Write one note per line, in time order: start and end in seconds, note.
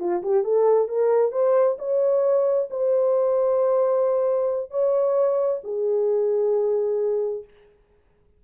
0.00 0.23 F4
0.23 0.44 G4
0.44 0.88 A4
0.88 1.32 A#4
1.32 1.77 C5
1.79 2.69 C#5
2.70 4.71 C5
4.71 5.61 C#5
5.64 7.44 G#4